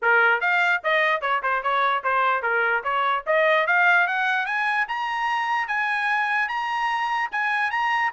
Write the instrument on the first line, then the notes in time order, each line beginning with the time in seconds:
trumpet
0.02 A#4
0.41 F5
0.83 D#5
1.21 C#5
1.42 C5
1.62 C#5
2.03 C5
2.42 A#4
2.83 C#5
3.26 D#5
3.67 F5
4.07 F#5
4.46 G#5
4.87 A#5
5.67 G#5
6.48 A#5
7.31 G#5
7.70 A#5